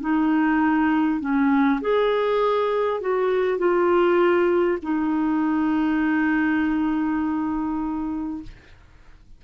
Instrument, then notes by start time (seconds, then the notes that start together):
clarinet
0.00 D#4
1.20 C#4
1.81 G#4
3.00 F#4
3.58 F4
4.82 D#4